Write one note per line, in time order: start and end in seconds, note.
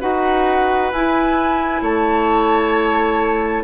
0.00 0.92 D#4
0.00 0.91 F#4
0.00 1.82 B4
0.00 0.91 F#5
0.92 1.82 E4
0.92 3.63 E4
0.92 1.83 G#5
1.82 3.63 A3
1.82 3.63 C#5
1.82 3.63 A5